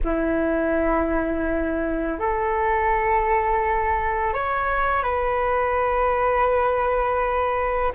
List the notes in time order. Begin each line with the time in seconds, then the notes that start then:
0.04 E4
2.19 A4
4.33 C#5
5.02 B4